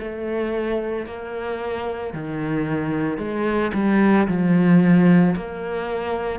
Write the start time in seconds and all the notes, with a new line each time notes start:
0.00 A3
1.07 A#3
2.14 D#3
3.18 G#3
3.74 G3
4.28 F3
5.36 A#3